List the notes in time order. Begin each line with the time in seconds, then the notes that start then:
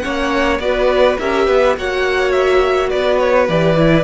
0.00 C#4 C#5 F#5
0.06 A#3
0.59 B3 F#4 B4 D5
1.19 C#4 G4 A#4 E5
1.47 B3 B4
1.77 A#3 F#4 C#5 F#5
2.32 E5
2.89 B3 B4 D5
3.19 C#5
3.49 E3 G4 D5
3.76 E4